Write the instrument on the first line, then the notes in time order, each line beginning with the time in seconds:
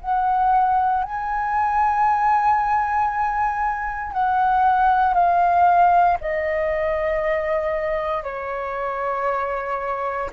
flute
0.00 F#5
1.03 G#5
4.12 F#5
5.13 F5
6.20 D#5
8.23 C#5